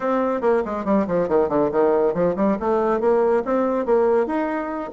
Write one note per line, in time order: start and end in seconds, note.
0.00 0.41 C4
0.41 0.62 A#3
0.65 0.85 G#3
0.85 1.06 G3
1.07 1.28 F3
1.28 1.48 D#3
1.48 1.70 D3
1.71 2.14 D#3
2.14 2.35 F3
2.36 2.57 G3
2.59 3.00 A3
3.00 3.43 A#3
3.44 3.85 C4
3.85 4.26 A#3
4.26 4.91 D#4